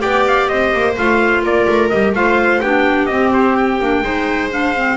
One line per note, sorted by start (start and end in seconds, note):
0.00 0.49 B3
0.00 0.94 G4
0.00 0.49 D5
0.00 0.25 G5
0.28 0.48 F5
0.48 0.73 C4
0.48 1.44 C5
0.48 0.95 D#5
0.73 0.97 A#3
0.98 1.43 A3
0.98 1.92 F4
0.98 1.45 F5
1.43 1.67 A#3
1.43 2.16 A#4
1.43 1.89 D5
1.68 1.92 A3
1.89 2.13 G3
1.89 2.15 G4
1.89 2.13 D#5
2.13 2.60 A3
2.13 2.63 F4
2.13 2.63 C5
2.13 2.61 F5
2.61 3.09 B3
2.61 3.10 D4
2.61 4.04 G4
2.61 3.06 G5
3.06 3.80 C4
3.06 3.81 C4
3.06 3.30 D#5
3.34 3.56 C5
3.56 4.51 G5
3.80 4.02 A#3
3.80 4.04 D4
4.02 4.96 G#3
4.02 4.51 D#4
4.02 4.97 C5
4.51 4.75 D4
4.51 4.97 F5
4.76 4.97 C4